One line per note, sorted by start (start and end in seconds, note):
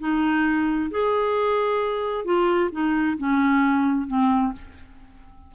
0.00 0.91 D#4
0.91 2.25 G#4
2.25 2.70 F4
2.72 3.18 D#4
3.18 4.08 C#4
4.08 4.53 C4